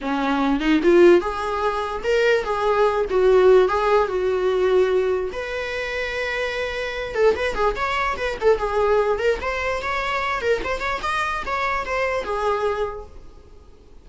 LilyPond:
\new Staff \with { instrumentName = "viola" } { \time 4/4 \tempo 4 = 147 cis'4. dis'8 f'4 gis'4~ | gis'4 ais'4 gis'4. fis'8~ | fis'4 gis'4 fis'2~ | fis'4 b'2.~ |
b'4. a'8 b'8 gis'8 cis''4 | b'8 a'8 gis'4. ais'8 c''4 | cis''4. ais'8 c''8 cis''8 dis''4 | cis''4 c''4 gis'2 | }